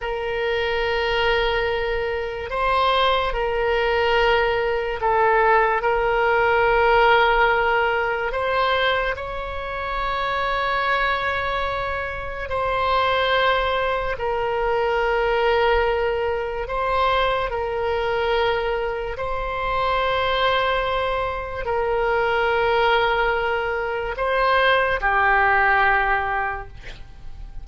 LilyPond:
\new Staff \with { instrumentName = "oboe" } { \time 4/4 \tempo 4 = 72 ais'2. c''4 | ais'2 a'4 ais'4~ | ais'2 c''4 cis''4~ | cis''2. c''4~ |
c''4 ais'2. | c''4 ais'2 c''4~ | c''2 ais'2~ | ais'4 c''4 g'2 | }